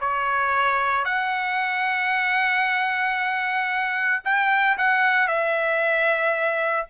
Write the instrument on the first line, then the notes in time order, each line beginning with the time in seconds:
trumpet
0.00 C#5
1.04 F#5
4.24 G5
4.77 F#5
5.27 E5